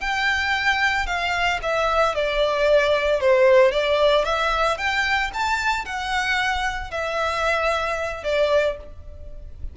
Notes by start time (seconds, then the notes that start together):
0.00 G5
1.06 F5
1.62 E5
2.15 D5
3.20 C5
3.71 D5
4.25 E5
4.77 G5
5.33 A5
5.85 F#5
6.91 E5
8.23 D5